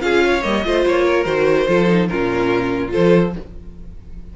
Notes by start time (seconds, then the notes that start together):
0.00 C#4 F4 G#4 F5
0.24 C#5
0.42 G3 A#3 D#5
0.64 A3 F4 C5
0.86 A#3 C#5
1.05 A#4
1.24 D#3 F#4 C5
1.67 F3 F4 A4
1.88 D#4
2.08 A#2 C#4 F4 A#4
2.88 F4 A4 C5
2.95 F3